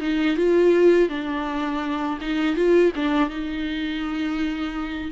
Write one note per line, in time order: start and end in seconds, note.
0.00 0.37 D#4
0.37 1.09 F4
1.09 2.19 D4
2.21 2.55 D#4
2.55 2.92 F4
2.95 3.29 D4
3.29 5.11 D#4